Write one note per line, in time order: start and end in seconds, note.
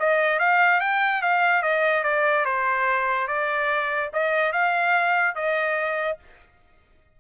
0.00 0.40 D#5
0.40 0.81 F5
0.81 1.22 G5
1.22 1.63 F5
1.63 2.04 D#5
2.04 2.46 D5
2.46 3.28 C5
3.28 4.11 D5
4.14 4.53 D#5
4.53 5.35 F5
5.35 6.18 D#5